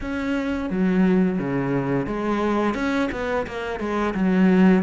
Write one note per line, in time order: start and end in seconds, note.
0.01 0.70 C#4
0.70 1.38 F#3
1.38 2.06 C#3
2.06 2.74 G#3
2.74 3.08 C#4
3.11 3.46 B3
3.46 3.79 A#3
3.79 4.14 G#3
4.14 4.83 F#3